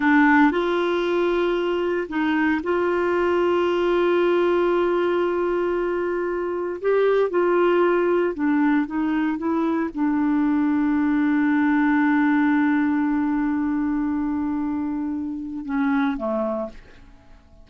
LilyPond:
\new Staff \with { instrumentName = "clarinet" } { \time 4/4 \tempo 4 = 115 d'4 f'2. | dis'4 f'2.~ | f'1~ | f'4 g'4 f'2 |
d'4 dis'4 e'4 d'4~ | d'1~ | d'1~ | d'2 cis'4 a4 | }